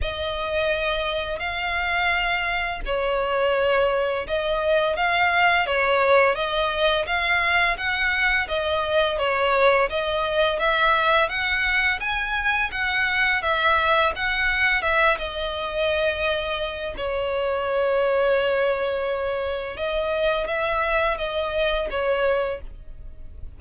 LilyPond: \new Staff \with { instrumentName = "violin" } { \time 4/4 \tempo 4 = 85 dis''2 f''2 | cis''2 dis''4 f''4 | cis''4 dis''4 f''4 fis''4 | dis''4 cis''4 dis''4 e''4 |
fis''4 gis''4 fis''4 e''4 | fis''4 e''8 dis''2~ dis''8 | cis''1 | dis''4 e''4 dis''4 cis''4 | }